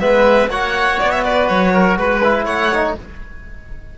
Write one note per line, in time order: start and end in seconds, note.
0.00 0.48 G#3
0.00 0.49 B3
0.00 0.50 B4
0.00 0.49 E5
0.48 0.97 A#3
0.48 2.22 F#4
0.48 1.24 C#5
0.48 0.99 F#5
0.99 1.50 B3
0.99 1.11 D5
1.11 1.24 E5
1.24 1.74 B4
1.24 1.48 D5
1.48 1.97 F#3
1.48 1.97 C#5
1.74 1.98 A#4
1.97 2.45 G#3
1.97 2.45 B4
2.24 2.73 E4
2.45 2.95 A3
2.45 2.94 C#5
2.45 2.94 F#5
2.73 2.98 D#4